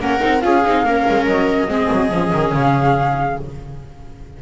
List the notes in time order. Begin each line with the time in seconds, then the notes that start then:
0.00 A#3 C#4 A#4 F#5
0.20 C4 D#4
0.41 C#4 F4 G#4 F5
0.65 C4 D#4
0.84 A#3 C#4 A#4
1.09 G#3
1.26 F#3 D#5
1.68 G#3 C4 G#4
1.91 F#3
2.11 F3 C#4
2.33 D#3
2.53 C#3 F5